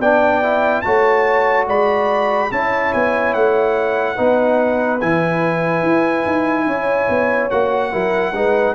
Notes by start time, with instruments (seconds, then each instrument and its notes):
0.00 tuba B3, trombone D4, horn D5, trumpet G5
0.43 trombone E4
0.82 tuba A3, trombone F#4, horn C#5, trumpet A5
1.67 tuba G#3, horn D5, trumpet B5
2.52 tuba C#4, trombone E4, horn C#5, trumpet A5
2.94 tuba B3, trumpet G#5
3.34 tuba A3, trumpet F#5
4.16 tuba B3, trombone D#4, horn B4
5.01 tuba E3, trombone E4, trumpet G#5
5.83 tuba E4
6.26 tuba D#4
6.67 tuba C#4, horn C#5
7.09 tuba B3
7.51 tuba A#3, trombone F#4, trumpet F#5
7.92 tuba F#3, trombone E4, horn A#4
8.34 tuba G#3, trombone D#4, horn B4